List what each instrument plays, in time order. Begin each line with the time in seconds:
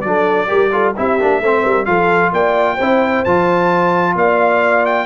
0.00 tuba F#3, trombone D4, horn A4, trumpet D5
0.47 tuba G3, trombone G4, horn A#4
0.72 trombone F4, horn A4
0.96 tuba C4, trombone E4, horn G4, trumpet E5
1.20 tuba A#3, trombone D4
1.41 tuba A3, trombone C4, horn C5
1.62 tuba G3, horn A#4
1.85 tuba F3, trombone F4, horn A4, trumpet F5
2.32 tuba A#3, horn D5, trumpet G5
2.75 tuba C4, horn C5
2.81 trombone E4
3.24 tuba F3, trombone F4, trumpet A5
4.15 tuba A#3, horn D5, trumpet F5
4.85 trumpet G5